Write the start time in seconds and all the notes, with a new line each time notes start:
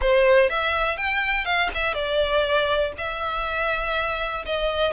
0.01 C5
0.49 E5
0.97 G5
1.45 F5
1.74 E5
1.94 D5
2.97 E5
4.45 D#5